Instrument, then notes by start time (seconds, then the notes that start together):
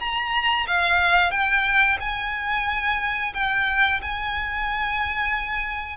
violin
0.00 A#5
0.68 F5
1.31 G5
2.00 G#5
3.34 G5
4.02 G#5